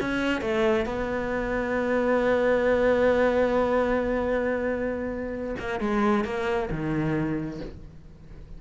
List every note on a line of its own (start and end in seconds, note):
0.00 0.42 C#4
0.42 0.86 A3
0.86 5.56 B3
5.59 5.80 A#3
5.80 6.25 G#3
6.25 6.69 A#3
6.71 7.60 D#3